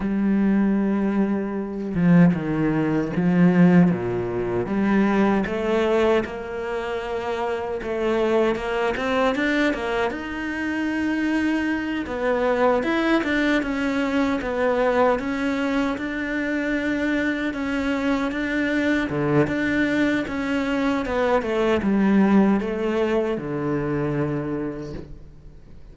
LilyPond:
\new Staff \with { instrumentName = "cello" } { \time 4/4 \tempo 4 = 77 g2~ g8 f8 dis4 | f4 ais,4 g4 a4 | ais2 a4 ais8 c'8 | d'8 ais8 dis'2~ dis'8 b8~ |
b8 e'8 d'8 cis'4 b4 cis'8~ | cis'8 d'2 cis'4 d'8~ | d'8 d8 d'4 cis'4 b8 a8 | g4 a4 d2 | }